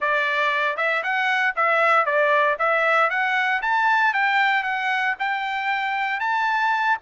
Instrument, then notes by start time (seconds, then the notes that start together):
trumpet
0.00 D5
0.76 E5
1.03 F#5
1.56 E5
2.05 D5
2.58 E5
3.10 F#5
3.61 A5
4.13 G5
4.63 F#5
5.19 G5
6.20 A5